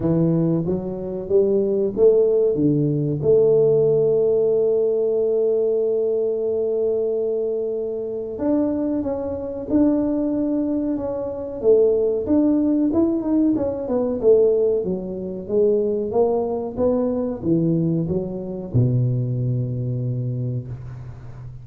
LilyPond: \new Staff \with { instrumentName = "tuba" } { \time 4/4 \tempo 4 = 93 e4 fis4 g4 a4 | d4 a2.~ | a1~ | a4 d'4 cis'4 d'4~ |
d'4 cis'4 a4 d'4 | e'8 dis'8 cis'8 b8 a4 fis4 | gis4 ais4 b4 e4 | fis4 b,2. | }